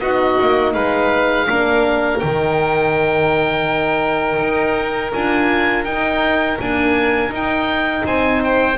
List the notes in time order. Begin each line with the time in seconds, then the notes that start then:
0.00 B3 D#4 F#4 D#5
0.41 A#3
0.73 G#3 B4 F5
1.48 A#3 D4 A#4
2.19 D#3 D#4 G5
4.39 D#4
5.14 D4 F4 G#5
5.84 D#4 G5
6.59 A#3 D4 G#5
7.30 D#4 G5
8.05 C4 C5 G#5
8.44 G5